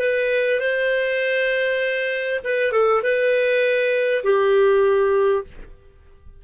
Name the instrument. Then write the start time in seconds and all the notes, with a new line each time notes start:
clarinet
0.00 B4
0.60 C5
2.44 B4
2.73 A4
3.03 B4
4.24 G4